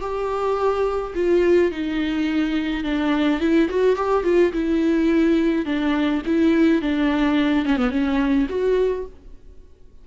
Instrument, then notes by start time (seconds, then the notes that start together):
viola
0.00 G4
1.15 F4
1.71 D#4
2.84 D4
3.40 E4
3.69 F#4
3.96 G4
4.24 F4
4.52 E4
5.66 D4
6.26 E4
6.82 D4
7.65 C#4
7.77 B3
7.91 C#4
8.49 F#4